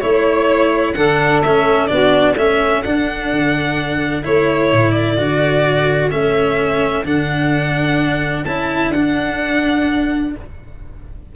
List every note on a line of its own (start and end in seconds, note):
0.00 0.96 A3
0.00 0.94 E4
0.00 0.93 C#5
0.00 0.94 C#5
0.93 1.41 D3
0.93 1.44 D4
0.93 1.90 A4
0.93 1.40 F#5
1.41 1.88 A3
1.41 1.88 C#4
1.41 1.87 E5
1.87 2.36 B3
1.87 2.35 D4
1.87 2.35 F#4
1.87 2.33 D5
2.35 2.83 A3
2.35 2.84 C#4
2.35 10.32 A4
2.35 2.82 E5
2.82 3.32 D4
2.82 4.23 D4
2.82 4.23 F#5
3.32 4.25 D3
4.23 4.72 A3
4.23 5.17 E4
4.23 4.91 C#5
4.72 5.17 A2
4.91 6.08 D5
5.17 6.11 D3
5.17 6.10 F#4
6.10 7.04 A3
6.10 7.04 C#4
6.10 7.04 E5
7.04 8.45 D3
7.04 8.45 D4
7.04 8.44 F#5
8.44 8.88 C#4
8.44 8.94 E4
8.44 8.91 A5
8.88 10.29 D4
8.88 10.32 F#5
8.95 10.35 D4